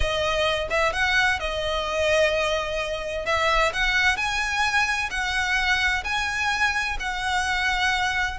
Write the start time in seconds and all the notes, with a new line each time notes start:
0.00 D#5
0.70 E5
0.93 F#5
1.39 D#5
3.25 E5
3.73 F#5
4.16 G#5
5.10 F#5
6.04 G#5
6.99 F#5